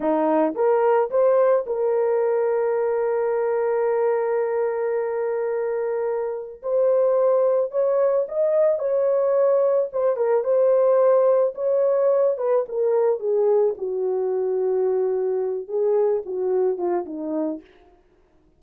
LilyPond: \new Staff \with { instrumentName = "horn" } { \time 4/4 \tempo 4 = 109 dis'4 ais'4 c''4 ais'4~ | ais'1~ | ais'1 | c''2 cis''4 dis''4 |
cis''2 c''8 ais'8 c''4~ | c''4 cis''4. b'8 ais'4 | gis'4 fis'2.~ | fis'8 gis'4 fis'4 f'8 dis'4 | }